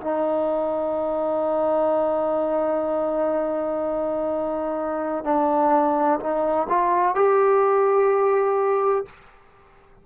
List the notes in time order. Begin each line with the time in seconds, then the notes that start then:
0.00 D#4
5.24 D4
6.19 D#4
6.69 F4
7.15 G4